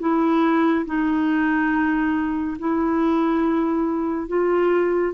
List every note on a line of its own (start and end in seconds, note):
0.00 0.86 E4
0.86 2.58 D#4
2.59 4.29 E4
4.29 5.14 F4